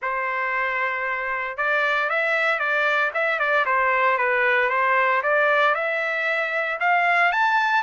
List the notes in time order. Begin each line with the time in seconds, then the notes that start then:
0.01 C5
1.57 D5
2.09 E5
2.59 D5
3.14 E5
3.39 D5
3.65 C5
4.18 B4
4.69 C5
5.22 D5
5.74 E5
6.80 F5
7.32 A5